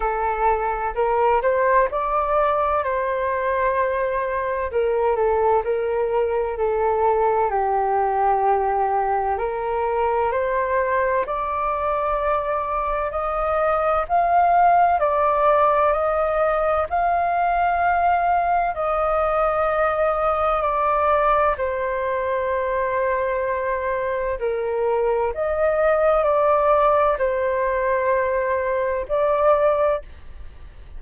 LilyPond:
\new Staff \with { instrumentName = "flute" } { \time 4/4 \tempo 4 = 64 a'4 ais'8 c''8 d''4 c''4~ | c''4 ais'8 a'8 ais'4 a'4 | g'2 ais'4 c''4 | d''2 dis''4 f''4 |
d''4 dis''4 f''2 | dis''2 d''4 c''4~ | c''2 ais'4 dis''4 | d''4 c''2 d''4 | }